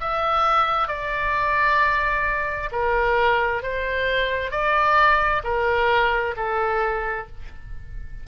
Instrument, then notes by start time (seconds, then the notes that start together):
oboe
0.00 E5
0.88 D5
2.72 A#4
3.62 C5
4.51 D5
5.44 A#4
6.36 A4